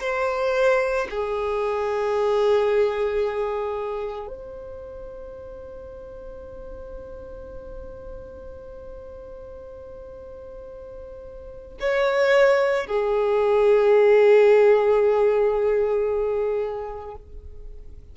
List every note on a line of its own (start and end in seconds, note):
0.00 1.07 C5
1.10 4.27 G#4
4.27 11.77 C5
11.80 12.87 C#5
12.87 17.15 G#4